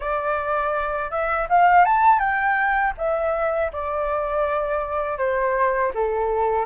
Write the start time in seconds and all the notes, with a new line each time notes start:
0.00 D5
1.10 E5
1.48 F5
1.85 A5
2.19 G5
2.97 E5
3.72 D5
5.18 C5
5.94 A4